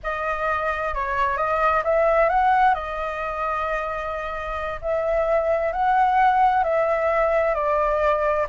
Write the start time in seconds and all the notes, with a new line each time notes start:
0.03 D#5
0.94 C#5
1.37 D#5
1.83 E5
2.29 F#5
2.74 D#5
4.81 E5
5.72 F#5
6.63 E5
7.54 D5